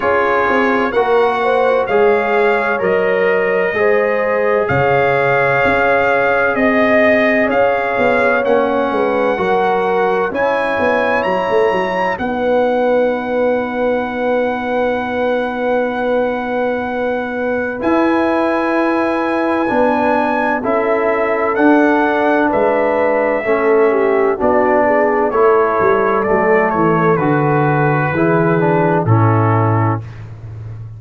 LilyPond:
<<
  \new Staff \with { instrumentName = "trumpet" } { \time 4/4 \tempo 4 = 64 cis''4 fis''4 f''4 dis''4~ | dis''4 f''2 dis''4 | f''4 fis''2 gis''4 | ais''4 fis''2.~ |
fis''2. gis''4~ | gis''2 e''4 fis''4 | e''2 d''4 cis''4 | d''8 cis''8 b'2 a'4 | }
  \new Staff \with { instrumentName = "horn" } { \time 4/4 gis'4 ais'8 c''8 cis''2 | c''4 cis''2 dis''4 | cis''4. b'8 ais'4 cis''4~ | cis''4 b'2.~ |
b'1~ | b'2 a'2 | b'4 a'8 g'8 fis'8 gis'8 a'4~ | a'2 gis'4 e'4 | }
  \new Staff \with { instrumentName = "trombone" } { \time 4/4 f'4 fis'4 gis'4 ais'4 | gis'1~ | gis'4 cis'4 fis'4 e'4~ | e'4 dis'2.~ |
dis'2. e'4~ | e'4 d'4 e'4 d'4~ | d'4 cis'4 d'4 e'4 | a4 fis'4 e'8 d'8 cis'4 | }
  \new Staff \with { instrumentName = "tuba" } { \time 4/4 cis'8 c'8 ais4 gis4 fis4 | gis4 cis4 cis'4 c'4 | cis'8 b8 ais8 gis8 fis4 cis'8 b8 | fis16 a16 fis8 b2.~ |
b2. e'4~ | e'4 b4 cis'4 d'4 | gis4 a4 b4 a8 g8 | fis8 e8 d4 e4 a,4 | }
>>